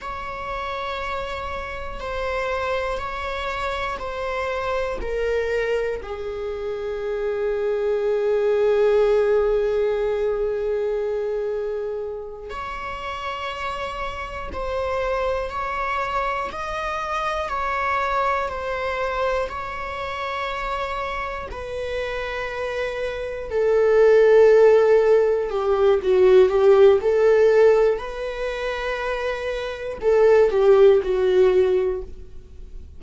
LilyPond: \new Staff \with { instrumentName = "viola" } { \time 4/4 \tempo 4 = 60 cis''2 c''4 cis''4 | c''4 ais'4 gis'2~ | gis'1~ | gis'8 cis''2 c''4 cis''8~ |
cis''8 dis''4 cis''4 c''4 cis''8~ | cis''4. b'2 a'8~ | a'4. g'8 fis'8 g'8 a'4 | b'2 a'8 g'8 fis'4 | }